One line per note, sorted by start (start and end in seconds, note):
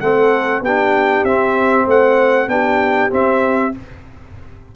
0.00 0.61 A3
0.00 0.64 C4
0.00 0.63 A4
0.00 0.62 F#5
0.61 1.23 B3
0.61 1.86 G4
0.61 1.25 G5
0.67 1.27 D4
1.24 1.86 C4
1.24 2.48 C4
1.24 1.86 E5
1.86 2.47 A3
1.86 2.47 C5
1.86 2.49 F#5
2.47 3.09 B3
2.47 3.10 D4
2.47 3.74 G4
2.47 3.11 G5
3.10 3.72 C4
3.10 3.74 C4
3.10 3.75 E5